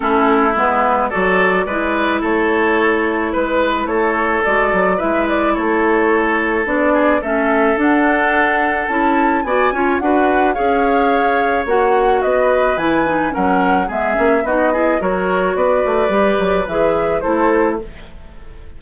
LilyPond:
<<
  \new Staff \with { instrumentName = "flute" } { \time 4/4 \tempo 4 = 108 a'4 b'4 d''2 | cis''2 b'4 cis''4 | d''4 e''8 d''8 cis''2 | d''4 e''4 fis''2 |
a''4 gis''4 fis''4 f''4~ | f''4 fis''4 dis''4 gis''4 | fis''4 e''4 dis''4 cis''4 | d''2 e''4 c''4 | }
  \new Staff \with { instrumentName = "oboe" } { \time 4/4 e'2 a'4 b'4 | a'2 b'4 a'4~ | a'4 b'4 a'2~ | a'8 gis'8 a'2.~ |
a'4 d''8 cis''8 b'4 cis''4~ | cis''2 b'2 | ais'4 gis'4 fis'8 gis'8 ais'4 | b'2. a'4 | }
  \new Staff \with { instrumentName = "clarinet" } { \time 4/4 cis'4 b4 fis'4 e'4~ | e'1 | fis'4 e'2. | d'4 cis'4 d'2 |
e'4 fis'8 f'8 fis'4 gis'4~ | gis'4 fis'2 e'8 dis'8 | cis'4 b8 cis'8 dis'8 e'8 fis'4~ | fis'4 g'4 gis'4 e'4 | }
  \new Staff \with { instrumentName = "bassoon" } { \time 4/4 a4 gis4 fis4 gis4 | a2 gis4 a4 | gis8 fis8 gis4 a2 | b4 a4 d'2 |
cis'4 b8 cis'8 d'4 cis'4~ | cis'4 ais4 b4 e4 | fis4 gis8 ais8 b4 fis4 | b8 a8 g8 fis8 e4 a4 | }
>>